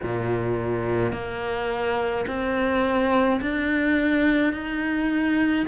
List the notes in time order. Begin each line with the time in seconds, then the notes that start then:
0.03 A#2
1.12 A#3
2.26 C4
3.41 D4
4.53 D#4